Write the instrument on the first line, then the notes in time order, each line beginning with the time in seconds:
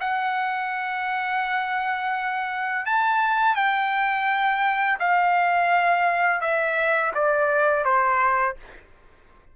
trumpet
0.00 F#5
2.86 A5
3.55 G5
4.99 F5
6.41 E5
7.14 D5
7.84 C5